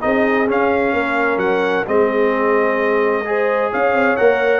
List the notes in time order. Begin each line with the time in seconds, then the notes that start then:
0.00 C4 D#4 G#4 D#5
0.47 C#4 F5
0.93 A#3 A#4
1.36 F#3 F#5
1.86 G#3 C4 G#4 D#5
3.25 G#4 C5
3.70 C#4 C#5 F5
3.92 C4
4.16 A#3 A#4 F#5